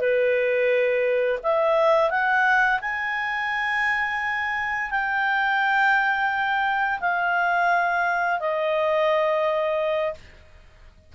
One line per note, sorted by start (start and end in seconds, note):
0.00 1.40 B4
1.43 2.10 E5
2.10 2.80 F#5
2.81 4.91 G#5
4.91 7.00 G5
7.00 8.40 F5
8.40 10.14 D#5